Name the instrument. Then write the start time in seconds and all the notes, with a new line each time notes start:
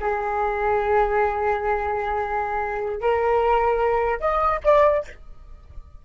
flute
0.00 G#4
3.01 A#4
4.20 D#5
4.64 D5